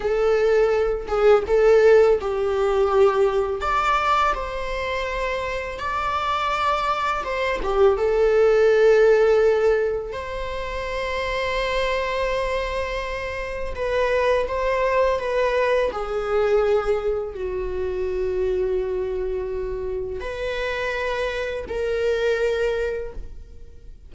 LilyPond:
\new Staff \with { instrumentName = "viola" } { \time 4/4 \tempo 4 = 83 a'4. gis'8 a'4 g'4~ | g'4 d''4 c''2 | d''2 c''8 g'8 a'4~ | a'2 c''2~ |
c''2. b'4 | c''4 b'4 gis'2 | fis'1 | b'2 ais'2 | }